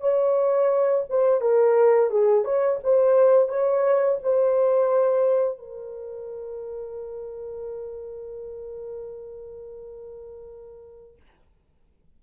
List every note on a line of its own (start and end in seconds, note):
0.00 1.05 C#5
1.09 1.41 C5
1.41 2.10 A#4
2.10 2.45 G#4
2.45 2.79 C#5
2.83 3.49 C5
3.49 4.18 C#5
4.23 5.58 C5
5.58 11.16 A#4